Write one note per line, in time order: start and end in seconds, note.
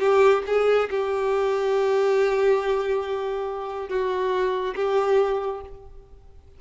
0.00 0.43 G4
0.47 0.90 G#4
0.90 3.89 G4
3.89 4.75 F#4
4.75 5.61 G4